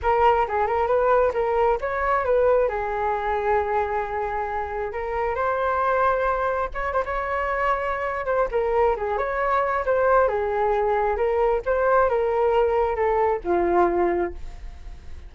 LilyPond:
\new Staff \with { instrumentName = "flute" } { \time 4/4 \tempo 4 = 134 ais'4 gis'8 ais'8 b'4 ais'4 | cis''4 b'4 gis'2~ | gis'2. ais'4 | c''2. cis''8 c''16 cis''16~ |
cis''2~ cis''8 c''8 ais'4 | gis'8 cis''4. c''4 gis'4~ | gis'4 ais'4 c''4 ais'4~ | ais'4 a'4 f'2 | }